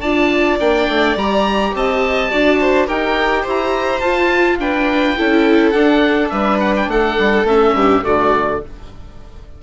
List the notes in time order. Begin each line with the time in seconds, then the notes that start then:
0.00 D4 F4 D5 A5
0.60 A#3 D4 G5
0.88 A3
1.16 G3 G4 A#5
1.74 C4 D#5 A5
2.31 D4 F#4 D5
2.60 C5
2.87 D#4 G4 A#4 G5
3.42 E4 C5
3.50 A#5
4.00 F4 A5
4.59 D4 B4 G5
5.17 C#4 E4 A4
5.71 D4 F#5
6.29 G3 B4 E5
6.60 F#5
6.76 G5
6.88 A3 A4 F#5
7.19 G3
7.44 A3 C#4 E5
7.72 G2 G4
8.03 D3 A3 F#4 D5